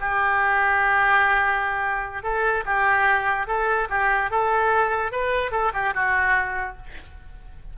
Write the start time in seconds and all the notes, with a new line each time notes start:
0.00 G4
2.23 A4
2.65 G4
3.47 A4
3.89 G4
4.31 A4
5.12 B4
5.51 A4
5.73 G4
5.94 F#4